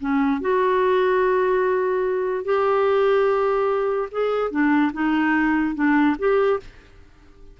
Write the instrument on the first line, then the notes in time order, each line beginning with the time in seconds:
clarinet
0.00 C#4
0.41 F#4
2.45 G4
4.11 G#4
4.51 D4
4.93 D#4
5.75 D4
6.18 G4